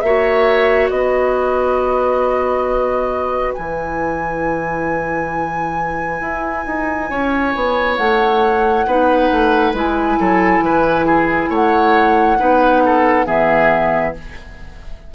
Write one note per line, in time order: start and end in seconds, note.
0.00 0.90 A#3
0.00 3.58 F#4
0.00 0.91 C#5
0.00 0.88 E5
0.89 3.54 B3
0.89 7.09 B4
0.89 3.53 D#5
3.54 6.20 E3
3.54 8.87 E4
3.54 7.95 G#5
6.20 6.65 E4
6.66 7.10 D#4
7.10 7.54 C#4
7.10 8.86 C#5
7.54 7.98 B3
7.97 8.86 A3
7.97 9.74 F#5
8.86 9.30 B3
8.86 9.75 D#4
8.86 10.19 B4
9.31 9.73 A3
9.73 10.17 G#3
9.73 12.38 E4
9.73 11.52 G#5
10.19 10.59 F#3
10.19 10.64 A4
10.59 11.47 E3
10.59 11.05 B4
11.05 11.49 G#4
11.49 12.38 A3
11.49 12.38 C#5
11.49 13.25 F#5
12.38 13.26 B3
12.38 13.25 D#4
12.38 12.83 B4
12.85 13.26 A4
13.25 14.14 E3
13.25 14.13 B3
13.25 14.14 G#4
13.25 14.13 E5